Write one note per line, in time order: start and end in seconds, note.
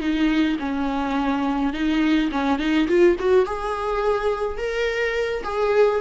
0.00 0.57 D#4
0.59 1.73 C#4
1.73 2.30 D#4
2.31 2.59 C#4
2.59 2.87 D#4
2.88 3.16 F4
3.19 3.45 F#4
3.45 4.57 G#4
4.57 5.43 A#4
5.43 6.01 G#4